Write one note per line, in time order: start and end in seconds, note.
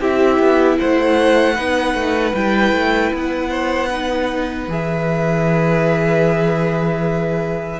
0.00 0.39 C4
0.00 1.55 E4
0.00 0.79 G4
0.00 0.79 E5
0.39 0.78 B3
0.79 1.58 A3
0.79 1.54 C5
0.79 2.35 F#5
1.54 1.94 B3
1.54 2.33 D#4
1.54 3.49 B4
1.94 2.33 A3
2.35 2.72 G3
2.35 3.91 E4
2.35 3.13 G5
2.72 3.11 A3
3.13 4.68 B3
3.13 4.72 F#5
3.50 3.89 C5
3.90 4.69 D#4
3.90 7.80 B4
4.68 7.79 E3
4.68 7.80 G#4
4.68 7.80 E5